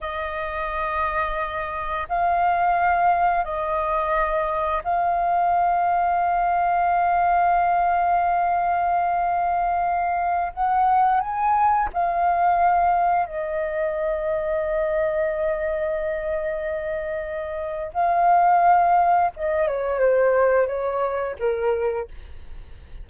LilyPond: \new Staff \with { instrumentName = "flute" } { \time 4/4 \tempo 4 = 87 dis''2. f''4~ | f''4 dis''2 f''4~ | f''1~ | f''2.~ f''16 fis''8.~ |
fis''16 gis''4 f''2 dis''8.~ | dis''1~ | dis''2 f''2 | dis''8 cis''8 c''4 cis''4 ais'4 | }